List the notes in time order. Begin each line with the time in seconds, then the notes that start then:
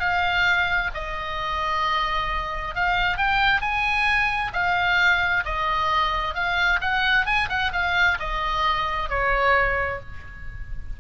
0.00 F5
0.94 D#5
2.75 F5
3.18 G5
3.61 G#5
4.53 F5
5.45 D#5
6.35 F5
6.81 F#5
7.26 G#5
7.49 F#5
7.73 F5
8.20 D#5
9.10 C#5